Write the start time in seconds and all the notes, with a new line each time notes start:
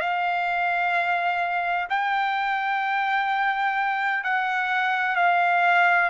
0.00 F5
1.89 G5
4.24 F#5
5.16 F5